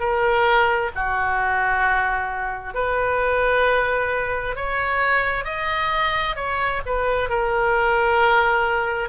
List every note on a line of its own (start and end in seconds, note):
0.00 0.91 A#4
0.95 2.74 F#4
2.74 4.56 B4
4.56 5.45 C#5
5.45 6.36 D#5
6.36 6.81 C#5
6.86 7.29 B4
7.29 9.09 A#4